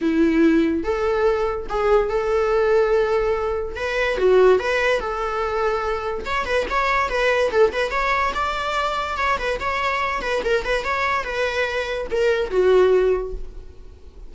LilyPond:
\new Staff \with { instrumentName = "viola" } { \time 4/4 \tempo 4 = 144 e'2 a'2 | gis'4 a'2.~ | a'4 b'4 fis'4 b'4 | a'2. cis''8 b'8 |
cis''4 b'4 a'8 b'8 cis''4 | d''2 cis''8 b'8 cis''4~ | cis''8 b'8 ais'8 b'8 cis''4 b'4~ | b'4 ais'4 fis'2 | }